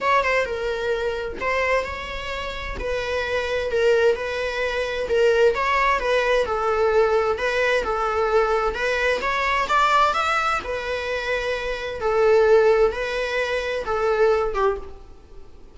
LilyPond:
\new Staff \with { instrumentName = "viola" } { \time 4/4 \tempo 4 = 130 cis''8 c''8 ais'2 c''4 | cis''2 b'2 | ais'4 b'2 ais'4 | cis''4 b'4 a'2 |
b'4 a'2 b'4 | cis''4 d''4 e''4 b'4~ | b'2 a'2 | b'2 a'4. g'8 | }